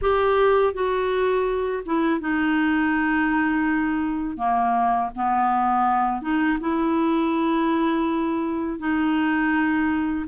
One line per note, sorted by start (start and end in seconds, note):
0.01 0.73 G4
0.73 1.83 F#4
1.85 2.20 E4
2.20 4.37 D#4
4.37 5.10 A#3
5.15 6.21 B3
6.21 6.58 D#4
6.60 8.79 E4
8.79 10.25 D#4